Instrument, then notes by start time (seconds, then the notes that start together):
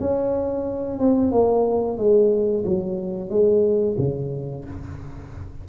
tuba
0.00 C#4
0.99 C4
1.32 A#3
1.98 G#3
2.65 F#3
3.29 G#3
3.98 C#3